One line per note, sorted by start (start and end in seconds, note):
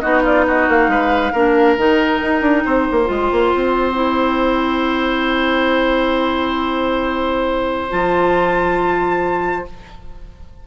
0.00 0.68 B3
0.00 1.33 D#4
0.00 0.22 F#4
0.00 0.22 D#5
0.22 0.44 F4
0.22 0.47 D5
0.47 0.91 F#4
0.47 0.69 D#5
0.68 0.87 A#3
0.68 1.79 F5
0.87 1.31 G#3
0.87 1.32 B4
1.32 1.77 A#3
1.32 1.78 D4
1.32 2.64 A#4
1.77 2.21 D#3
1.77 3.05 D#4
1.77 7.91 G5
2.21 2.41 D#4
2.41 2.63 D4
2.65 2.88 C4
2.65 9.66 C5
2.91 3.09 A#3
3.05 3.31 G#3
3.05 3.92 F4
3.32 3.53 A#3
3.54 7.92 C4
3.94 7.88 E4
7.90 9.67 F3
7.90 9.65 F4
7.90 9.66 A5